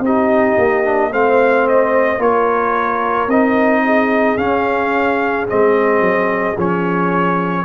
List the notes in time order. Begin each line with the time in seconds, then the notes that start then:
0.00 C4 D#4 G4 D#5
0.58 A#3
0.84 D4
1.12 A3 C4 C5 F5
1.69 D#5
2.19 A#3 F4 A#4 C#5
3.28 C4 D#4 D#5
3.85 G#4
4.37 C#4 F5
5.48 G#3 C4 D#5
6.01 F#3
6.58 F3 C#4 C#5